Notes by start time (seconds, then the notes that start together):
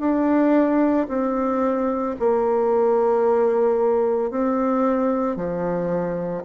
0.00 D4
1.08 C4
2.20 A#3
4.31 C4
5.36 F3